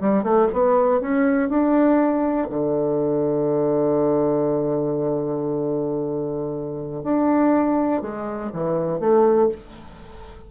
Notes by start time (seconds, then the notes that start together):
0.00 G3
0.23 A3
0.52 B3
1.01 C#4
1.49 D4
2.49 D3
7.03 D4
8.01 G#3
8.52 E3
8.99 A3